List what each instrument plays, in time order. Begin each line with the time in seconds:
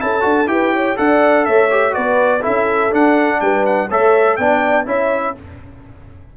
0.00 tuba C#4, trombone E4, horn A4, trumpet A5
0.21 tuba D4, trombone F#4
0.47 tuba E4, trombone G4, horn B4, trumpet G5
0.74 horn C#5
0.97 tuba D4, trombone A4, horn D5, trumpet F#5
1.46 tuba A3, horn C#5, trumpet E5
1.71 trombone G4
1.91 tuba B3, trombone F#4, horn B4, trumpet D5
2.41 trombone E4, horn A4, trumpet E5
2.47 tuba C#4
2.91 trombone D4, tuba D4, trumpet F#5
3.41 tuba G3, horn B4, trumpet G5
3.66 trumpet F#5
3.89 tuba A3, trombone A4, horn C#5, trumpet E5
4.37 tuba B3, trombone D4, horn D5, trumpet G5
4.86 tuba C#4, trombone E4, horn C#5, trumpet E5